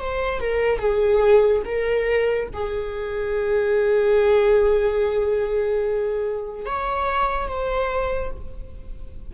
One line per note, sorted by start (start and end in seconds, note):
0.00 0.41 C5
0.41 0.79 A#4
0.79 1.62 G#4
1.65 2.48 A#4
2.54 6.66 G#4
6.66 7.48 C#5
7.48 8.31 C5